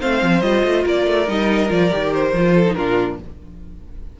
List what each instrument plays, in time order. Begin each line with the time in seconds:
0.00 cello A3, viola C4, violin C5 F5
0.22 cello F3
0.41 cello G3, viola F4, violin D#5
0.64 cello A3
0.84 cello A#3, violin A#4 D5
1.06 cello A3
1.27 cello G3, viola D#4, violin D#5
1.69 cello F3, viola F4, violin D5
1.91 cello D#3, viola G4
2.14 violin C5
2.32 cello F3, viola F4
2.54 violin A4
2.66 viola D#4
2.74 cello A#2, viola D4, violin F4 A#4